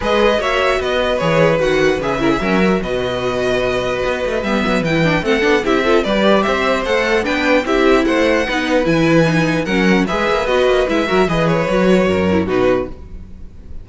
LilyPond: <<
  \new Staff \with { instrumentName = "violin" } { \time 4/4 \tempo 4 = 149 dis''4 e''4 dis''4 cis''4 | fis''4 e''2 dis''4~ | dis''2. e''4 | g''4 fis''4 e''4 d''4 |
e''4 fis''4 g''4 e''4 | fis''2 gis''2 | fis''4 e''4 dis''4 e''4 | dis''8 cis''2~ cis''8 b'4 | }
  \new Staff \with { instrumentName = "violin" } { \time 4/4 b'4 cis''4 b'2~ | b'4. ais'16 gis'16 ais'4 b'4~ | b'1~ | b'4 a'4 g'8 a'8 b'4 |
c''2 b'4 g'4 | c''4 b'2. | ais'4 b'2~ b'8 ais'8 | b'2 ais'4 fis'4 | }
  \new Staff \with { instrumentName = "viola" } { \time 4/4 gis'4 fis'2 gis'4 | fis'4 gis'8 e'8 cis'8 fis'4.~ | fis'2. b4 | e'8 d'8 c'8 d'8 e'8 f'8 g'4~ |
g'4 a'4 d'4 e'4~ | e'4 dis'4 e'4 dis'4 | cis'4 gis'4 fis'4 e'8 fis'8 | gis'4 fis'4. e'8 dis'4 | }
  \new Staff \with { instrumentName = "cello" } { \time 4/4 gis4 ais4 b4 e4 | dis4 cis4 fis4 b,4~ | b,2 b8 a8 g8 fis8 | e4 a8 b8 c'4 g4 |
c'4 a4 b4 c'4 | a4 b4 e2 | fis4 gis8 ais8 b8 ais8 gis8 fis8 | e4 fis4 fis,4 b,4 | }
>>